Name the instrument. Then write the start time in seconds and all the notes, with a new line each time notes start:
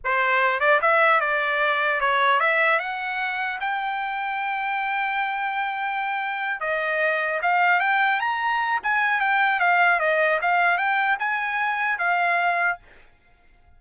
trumpet
0.04 C5
0.60 D5
0.81 E5
1.20 D5
2.00 C#5
2.40 E5
2.79 F#5
3.60 G5
6.60 D#5
7.41 F5
7.80 G5
8.20 A#5
8.83 G#5
9.20 G5
9.59 F5
9.99 D#5
10.41 F5
10.77 G5
11.19 G#5
11.98 F5